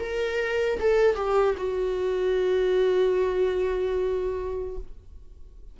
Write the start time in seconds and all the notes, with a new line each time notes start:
0.00 A#4
0.80 A4
1.16 G4
1.58 F#4